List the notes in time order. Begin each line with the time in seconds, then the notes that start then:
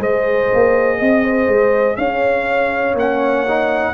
0.00 G#3 G#4 C5 D#5
0.55 A#3
0.99 C4 D#5
1.24 C5
1.48 G#3
1.97 C#4 C#5 F5
2.95 A#3 C#4 F#5
3.49 D#4